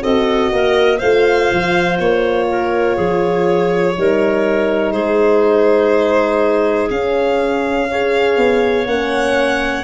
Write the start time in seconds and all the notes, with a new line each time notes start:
0.00 C4 F#4 A4 D#5
0.52 A#3 A#4
0.98 A3 F4 C5 F5
1.51 F3
1.99 A#3 C#5
2.49 A#4
2.96 F3 G#4
3.97 G3 D#4 A#4
4.92 G#3 G#4 C5
6.90 C#4 F5
7.90 G#4 C#5
8.37 B3
8.86 A#3 C#4 F#5